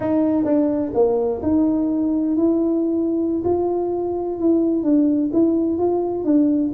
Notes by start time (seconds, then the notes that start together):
0.00 D#4
0.44 D4
0.94 A#3
1.42 D#4
2.36 E4
3.44 F4
4.38 E4
4.83 D4
5.32 E4
5.77 F4
6.24 D4